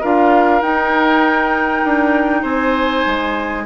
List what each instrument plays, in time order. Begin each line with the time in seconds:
0.00 bassoon D4, clarinet F4, oboe A#4, flute F5
0.61 bassoon D#4, clarinet D#4, flute G5
1.84 bassoon D4
2.42 bassoon C4, oboe C5, flute G#5
3.06 bassoon G#3